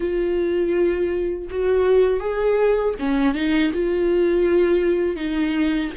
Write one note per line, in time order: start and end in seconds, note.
0.00 1.48 F4
1.50 2.20 F#4
2.20 2.94 G#4
2.99 3.34 C#4
3.34 3.71 D#4
3.73 5.16 F4
5.16 5.90 D#4